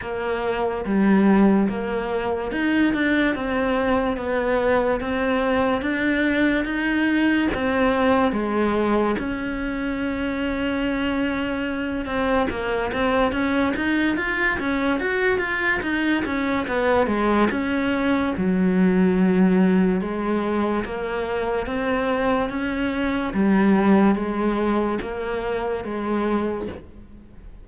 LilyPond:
\new Staff \with { instrumentName = "cello" } { \time 4/4 \tempo 4 = 72 ais4 g4 ais4 dis'8 d'8 | c'4 b4 c'4 d'4 | dis'4 c'4 gis4 cis'4~ | cis'2~ cis'8 c'8 ais8 c'8 |
cis'8 dis'8 f'8 cis'8 fis'8 f'8 dis'8 cis'8 | b8 gis8 cis'4 fis2 | gis4 ais4 c'4 cis'4 | g4 gis4 ais4 gis4 | }